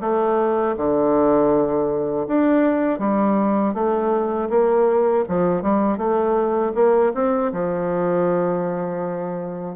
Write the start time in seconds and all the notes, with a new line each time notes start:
0.00 A3
0.76 D3
2.27 D4
2.99 G3
3.74 A3
4.49 A#3
5.28 F3
5.62 G3
5.97 A3
6.75 A#3
7.14 C4
7.52 F3